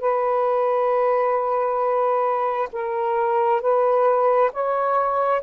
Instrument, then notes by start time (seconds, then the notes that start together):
saxophone
0.00 B4
2.73 A#4
3.61 B4
4.52 C#5